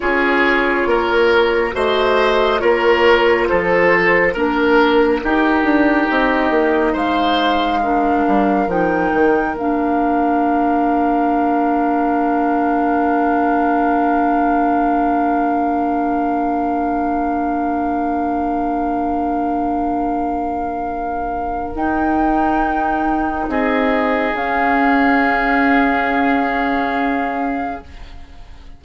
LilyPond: <<
  \new Staff \with { instrumentName = "flute" } { \time 4/4 \tempo 4 = 69 cis''2 dis''4 cis''4 | c''4 ais'2 dis''4 | f''2 g''4 f''4~ | f''1~ |
f''1~ | f''1~ | f''4 g''2 dis''4 | f''1 | }
  \new Staff \with { instrumentName = "oboe" } { \time 4/4 gis'4 ais'4 c''4 ais'4 | a'4 ais'4 g'2 | c''4 ais'2.~ | ais'1~ |
ais'1~ | ais'1~ | ais'2. gis'4~ | gis'1 | }
  \new Staff \with { instrumentName = "clarinet" } { \time 4/4 f'2 fis'4 f'4~ | f'4 d'4 dis'2~ | dis'4 d'4 dis'4 d'4~ | d'1~ |
d'1~ | d'1~ | d'4 dis'2. | cis'1 | }
  \new Staff \with { instrumentName = "bassoon" } { \time 4/4 cis'4 ais4 a4 ais4 | f4 ais4 dis'8 d'8 c'8 ais8 | gis4. g8 f8 dis8 ais4~ | ais1~ |
ais1~ | ais1~ | ais4 dis'2 c'4 | cis'1 | }
>>